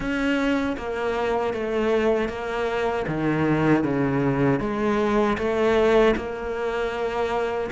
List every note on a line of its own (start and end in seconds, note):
0.00 0.76 C#4
0.77 1.53 A#3
1.53 2.28 A3
2.28 3.05 A#3
3.07 3.83 D#3
3.83 4.60 C#3
4.60 5.37 G#3
5.37 6.14 A3
6.16 7.70 A#3